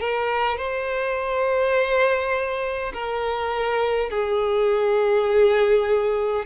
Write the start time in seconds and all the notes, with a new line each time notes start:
0.00 A#4
0.57 C5
2.93 A#4
4.10 G#4